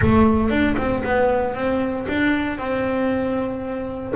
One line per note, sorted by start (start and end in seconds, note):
0.01 0.50 A3
0.50 0.76 D4
0.77 1.03 C4
1.04 1.54 B3
1.54 2.06 C4
2.08 2.57 D4
2.57 4.13 C4